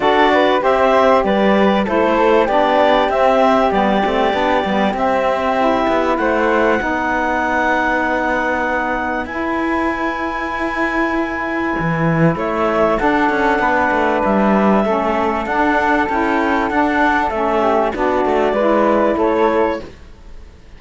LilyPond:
<<
  \new Staff \with { instrumentName = "clarinet" } { \time 4/4 \tempo 4 = 97 d''4 e''4 d''4 c''4 | d''4 e''4 d''2 | e''2 fis''2~ | fis''2. gis''4~ |
gis''1 | e''4 fis''2 e''4~ | e''4 fis''4 g''4 fis''4 | e''4 d''2 cis''4 | }
  \new Staff \with { instrumentName = "flute" } { \time 4/4 a'8 b'8 c''4 b'4 a'4 | g'1~ | g'2 c''4 b'4~ | b'1~ |
b'1 | cis''4 a'4 b'2 | a'1~ | a'8 g'8 fis'4 b'4 a'4 | }
  \new Staff \with { instrumentName = "saxophone" } { \time 4/4 fis'4 g'2 e'4 | d'4 c'4 b8 c'8 d'8 b8 | c'4 e'2 dis'4~ | dis'2. e'4~ |
e'1~ | e'4 d'2. | cis'4 d'4 e'4 d'4 | cis'4 d'4 e'2 | }
  \new Staff \with { instrumentName = "cello" } { \time 4/4 d'4 c'4 g4 a4 | b4 c'4 g8 a8 b8 g8 | c'4. b8 a4 b4~ | b2. e'4~ |
e'2. e4 | a4 d'8 cis'8 b8 a8 g4 | a4 d'4 cis'4 d'4 | a4 b8 a8 gis4 a4 | }
>>